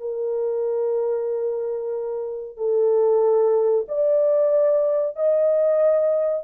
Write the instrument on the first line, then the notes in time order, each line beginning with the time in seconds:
horn
0.00 A#4
2.57 A4
3.89 D5
5.16 D#5